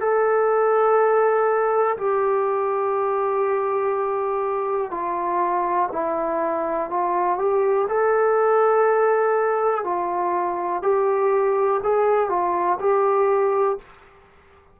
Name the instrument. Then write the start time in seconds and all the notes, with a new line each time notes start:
trombone
0.00 A4
1.97 G4
4.90 F4
5.92 E4
6.89 F4
7.38 G4
7.88 A4
9.84 F4
10.82 G4
11.83 G#4
12.29 F4
12.79 G4